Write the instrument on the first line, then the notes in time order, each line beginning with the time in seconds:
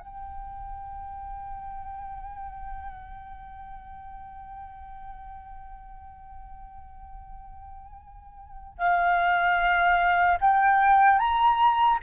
flute
0.00 G5
8.78 F5
10.41 G5
11.19 A#5